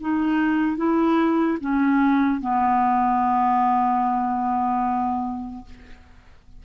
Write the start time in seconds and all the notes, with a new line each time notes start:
0.00 D#4
0.76 E4
1.60 C#4
2.40 B3